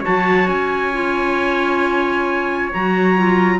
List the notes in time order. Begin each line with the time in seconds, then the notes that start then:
0.00 F#4 C#5 A5
0.08 F#3
0.48 C#4 G#5
0.93 F4
2.73 F#3 F#4 A#5
3.17 F4